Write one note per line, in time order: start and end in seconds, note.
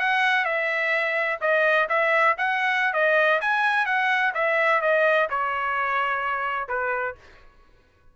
0.00 0.46 F#5
0.46 1.39 E5
1.41 1.88 D#5
1.89 2.36 E5
2.38 2.94 F#5
2.94 3.41 D#5
3.42 3.86 G#5
3.86 4.33 F#5
4.35 4.82 E5
4.82 5.29 D#5
5.30 6.69 C#5
6.69 7.16 B4